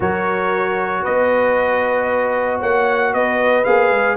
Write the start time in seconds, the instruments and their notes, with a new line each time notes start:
0.00 tuba F#3, trombone F#4, horn A#4, trumpet C#5
1.02 tuba B3, horn B4, trumpet D#5
2.58 tuba A#3, horn C#5, trumpet F#5
3.13 tuba B3, horn B4, trumpet D#5
3.64 tuba A#3, trombone G#4, trumpet F5
3.90 tuba G#3